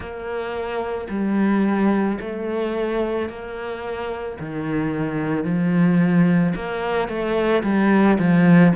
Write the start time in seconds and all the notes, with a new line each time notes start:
0.00 A#3
1.09 G3
2.20 A3
3.29 A#3
4.39 D#3
5.44 F3
6.55 A#3
7.08 A3
7.63 G3
8.18 F3